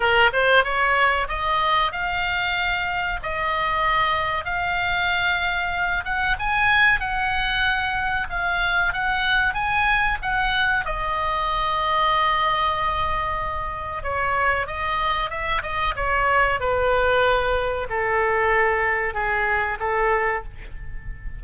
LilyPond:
\new Staff \with { instrumentName = "oboe" } { \time 4/4 \tempo 4 = 94 ais'8 c''8 cis''4 dis''4 f''4~ | f''4 dis''2 f''4~ | f''4. fis''8 gis''4 fis''4~ | fis''4 f''4 fis''4 gis''4 |
fis''4 dis''2.~ | dis''2 cis''4 dis''4 | e''8 dis''8 cis''4 b'2 | a'2 gis'4 a'4 | }